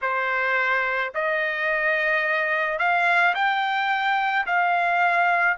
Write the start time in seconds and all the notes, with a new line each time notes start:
0.02 C5
1.14 D#5
2.78 F5
3.34 G5
4.46 F5